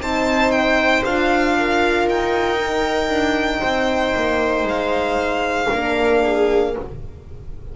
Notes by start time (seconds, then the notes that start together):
0.00 C4 D#4 C5 A5
0.52 G5
1.04 D4 F4 F5
1.58 A#4
2.08 D#4 G5
2.61 D#4
3.09 D4
3.61 C4 C5
4.16 A#3
4.64 G#3 F5
5.72 A#3 D4 A#4
6.23 G#4